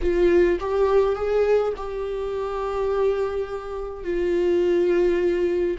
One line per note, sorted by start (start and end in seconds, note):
0.01 0.59 F4
0.60 1.15 G4
1.15 1.73 G#4
1.76 4.04 G4
4.04 5.77 F4